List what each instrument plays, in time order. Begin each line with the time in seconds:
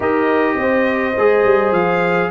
0.00 tuba D#4, trombone G4, horn A#4, trumpet D#5
0.58 tuba C4, horn C5
1.18 tuba G#3, trombone G#4
1.45 tuba G3
1.71 tuba F3, trumpet F5